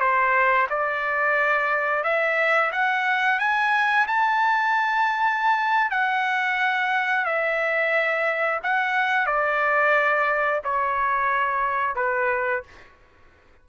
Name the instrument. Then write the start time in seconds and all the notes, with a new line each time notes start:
trumpet
0.00 C5
0.70 D5
2.04 E5
2.72 F#5
3.39 G#5
4.07 A5
5.91 F#5
7.25 E5
8.63 F#5
9.26 D5
10.64 C#5
11.96 B4